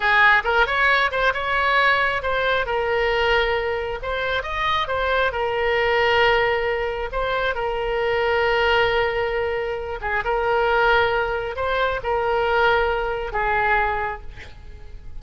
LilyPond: \new Staff \with { instrumentName = "oboe" } { \time 4/4 \tempo 4 = 135 gis'4 ais'8 cis''4 c''8 cis''4~ | cis''4 c''4 ais'2~ | ais'4 c''4 dis''4 c''4 | ais'1 |
c''4 ais'2.~ | ais'2~ ais'8 gis'8 ais'4~ | ais'2 c''4 ais'4~ | ais'2 gis'2 | }